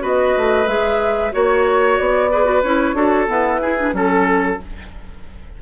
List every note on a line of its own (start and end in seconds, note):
0.00 0.35 B3
0.00 0.65 F#4
0.00 1.32 B4
0.00 0.68 D#5
0.37 0.67 A3
0.67 1.32 G#3
0.67 1.32 G#4
0.67 1.33 E5
1.32 2.00 A#3
1.32 2.30 F#4
1.32 1.97 C#5
1.32 2.31 C#5
1.97 2.63 B3
1.97 2.62 D5
2.31 2.45 G#4
2.31 2.96 B4
2.45 2.61 F#4
2.63 2.94 C#4
2.63 2.95 E4
2.63 3.28 C#5
2.94 3.27 D4
2.94 3.27 F#4
2.94 3.61 A4
3.28 3.60 B3
3.28 3.93 E4
3.28 3.96 B4
3.61 3.79 E4
3.61 3.94 G#4
3.79 3.93 D4
3.93 4.58 F#3
3.93 4.58 C#4
3.93 4.61 A4
3.93 4.62 A4